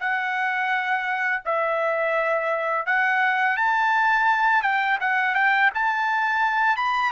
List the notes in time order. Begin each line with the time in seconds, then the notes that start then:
0.00 F#5
1.45 E5
2.86 F#5
3.57 A5
4.63 G5
5.01 F#5
5.35 G5
5.74 A5
6.77 B5